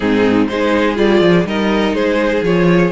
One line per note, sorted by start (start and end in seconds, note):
0.00 0.49 G#2
0.00 0.48 C4
0.00 0.48 D#4
0.00 0.47 G#4
0.47 0.97 G#3
0.47 0.95 D#4
0.47 1.47 G#4
0.47 0.96 C5
0.95 1.20 G3
0.95 1.44 F4
0.95 1.46 D5
1.20 1.44 F3
1.45 1.92 G3
1.45 2.43 D#4
1.45 1.95 A#4
1.45 1.94 D#5
1.92 2.41 G#3
1.92 2.91 G#4
1.92 2.43 C5
2.42 2.91 F3
2.42 2.91 F4
2.42 2.91 C#5